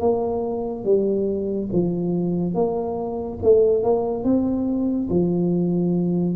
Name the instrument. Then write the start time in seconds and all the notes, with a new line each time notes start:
tuba
0.00 A#3
0.85 G3
1.73 F3
2.55 A#3
3.43 A3
3.83 A#3
4.24 C4
5.10 F3